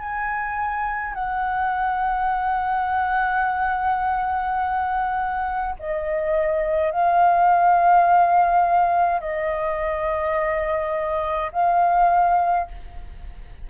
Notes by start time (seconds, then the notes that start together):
0.00 G#5
1.14 F#5
5.80 D#5
6.92 F5
9.21 D#5
11.53 F5